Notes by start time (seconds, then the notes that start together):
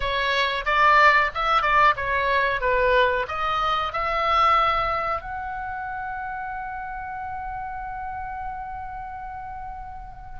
0.00 C#5
0.65 D5
1.34 E5
1.61 D5
1.96 C#5
2.61 B4
3.28 D#5
3.92 E5
5.21 F#5